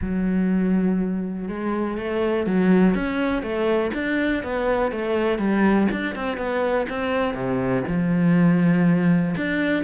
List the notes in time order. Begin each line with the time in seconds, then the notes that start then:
0.01 F#3
1.48 G#3
1.97 A3
2.46 F#3
2.94 C#4
3.42 A3
3.94 D4
4.43 B3
4.91 A3
5.38 G3
5.91 D4
6.15 C4
6.37 B3
6.89 C4
7.34 C3
7.87 F3
9.37 D4